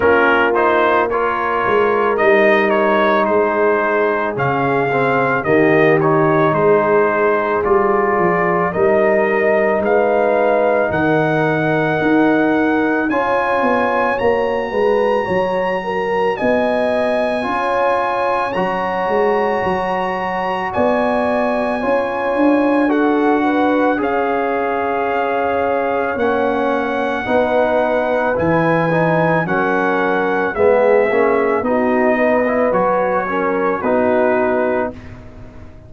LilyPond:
<<
  \new Staff \with { instrumentName = "trumpet" } { \time 4/4 \tempo 4 = 55 ais'8 c''8 cis''4 dis''8 cis''8 c''4 | f''4 dis''8 cis''8 c''4 d''4 | dis''4 f''4 fis''2 | gis''4 ais''2 gis''4~ |
gis''4 ais''2 gis''4~ | gis''4 fis''4 f''2 | fis''2 gis''4 fis''4 | e''4 dis''4 cis''4 b'4 | }
  \new Staff \with { instrumentName = "horn" } { \time 4/4 f'4 ais'2 gis'4~ | gis'4 g'4 gis'2 | ais'4 b'4 ais'2 | cis''4. b'8 cis''8 ais'8 dis''4 |
cis''2. d''4 | cis''4 a'8 b'8 cis''2~ | cis''4 b'2 ais'4 | gis'4 fis'8 b'4 ais'8 fis'4 | }
  \new Staff \with { instrumentName = "trombone" } { \time 4/4 cis'8 dis'8 f'4 dis'2 | cis'8 c'8 ais8 dis'4. f'4 | dis'1 | f'4 fis'2. |
f'4 fis'2. | f'4 fis'4 gis'2 | cis'4 dis'4 e'8 dis'8 cis'4 | b8 cis'8 dis'8. e'16 fis'8 cis'8 dis'4 | }
  \new Staff \with { instrumentName = "tuba" } { \time 4/4 ais4. gis8 g4 gis4 | cis4 dis4 gis4 g8 f8 | g4 gis4 dis4 dis'4 | cis'8 b8 ais8 gis8 fis4 b4 |
cis'4 fis8 gis8 fis4 b4 | cis'8 d'4. cis'2 | ais4 b4 e4 fis4 | gis8 ais8 b4 fis4 b4 | }
>>